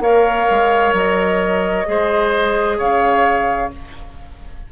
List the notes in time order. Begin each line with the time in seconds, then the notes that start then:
0.00 A#3 A#4 C#5 F5
0.51 G#3
0.93 F#3 D#5
1.86 G#3 G#4 C5
2.78 C#3 C#5 F5